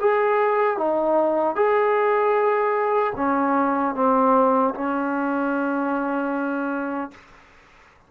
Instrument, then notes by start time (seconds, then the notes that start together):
trombone
0.00 G#4
0.77 D#4
1.55 G#4
3.16 C#4
3.95 C4
4.74 C#4